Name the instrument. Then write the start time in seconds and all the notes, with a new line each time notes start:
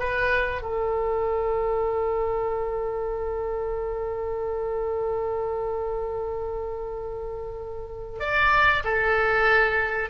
oboe
0.00 B4
0.62 A4
8.20 D5
8.85 A4